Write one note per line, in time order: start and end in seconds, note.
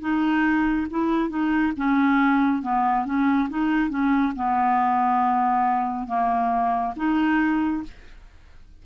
0.00 0.87 D#4
0.90 1.29 E4
1.29 1.73 D#4
1.76 2.62 C#4
2.62 3.05 B3
3.05 3.49 C#4
3.49 3.89 D#4
3.89 4.33 C#4
4.36 6.07 B3
6.07 6.94 A#3
6.96 7.83 D#4